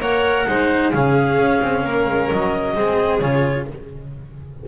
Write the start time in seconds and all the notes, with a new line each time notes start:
0.00 A#3 A#4 C#5 F#5
0.47 G#3 D#4 C5
0.92 C#3 C#4 G#4 F5
1.37 C#4
1.62 C4
1.84 A#3 A#4
2.07 G#3
2.31 F#3 D#5
2.74 G#3 C4 G#4
3.19 C#3 F4 C#5